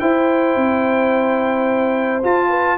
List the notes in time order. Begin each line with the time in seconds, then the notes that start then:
0.00 E4 C5 G5
0.56 C4
2.24 F4 A5
2.49 B4